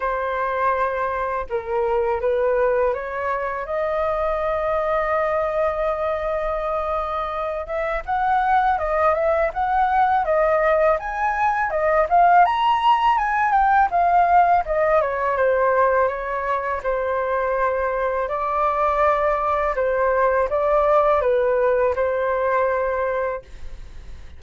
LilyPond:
\new Staff \with { instrumentName = "flute" } { \time 4/4 \tempo 4 = 82 c''2 ais'4 b'4 | cis''4 dis''2.~ | dis''2~ dis''8 e''8 fis''4 | dis''8 e''8 fis''4 dis''4 gis''4 |
dis''8 f''8 ais''4 gis''8 g''8 f''4 | dis''8 cis''8 c''4 cis''4 c''4~ | c''4 d''2 c''4 | d''4 b'4 c''2 | }